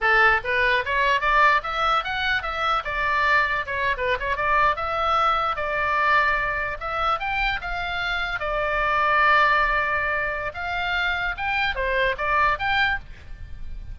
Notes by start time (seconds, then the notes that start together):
0.00 A4
0.43 B4
0.85 C#5
1.21 D5
1.63 E5
2.04 F#5
2.42 E5
2.84 D5
3.65 C#5
3.97 B4
4.19 C#5
4.36 D5
4.76 E5
5.55 D5
6.79 E5
7.19 G5
7.61 F5
8.39 D5
10.54 F5
11.37 G5
11.75 C5
12.17 D5
12.58 G5